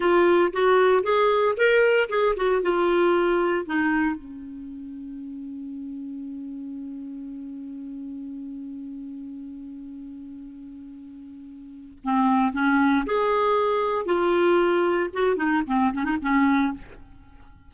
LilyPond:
\new Staff \with { instrumentName = "clarinet" } { \time 4/4 \tempo 4 = 115 f'4 fis'4 gis'4 ais'4 | gis'8 fis'8 f'2 dis'4 | cis'1~ | cis'1~ |
cis'1~ | cis'2. c'4 | cis'4 gis'2 f'4~ | f'4 fis'8 dis'8 c'8 cis'16 dis'16 cis'4 | }